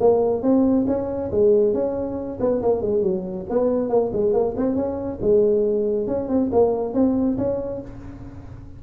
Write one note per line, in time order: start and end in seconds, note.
0.00 0.42 A#3
0.42 0.86 C4
0.87 1.31 C#4
1.31 1.74 G#3
1.74 2.39 C#4
2.40 2.62 B3
2.62 2.82 A#3
2.82 3.03 G#3
3.03 3.46 F#3
3.50 3.90 B3
3.90 4.11 A#3
4.13 4.33 G#3
4.33 4.55 A#3
4.57 4.75 C4
4.75 5.19 C#4
5.21 6.07 G#3
6.07 6.28 C#4
6.28 6.50 C4
6.52 6.94 A#3
6.94 7.37 C4
7.38 7.81 C#4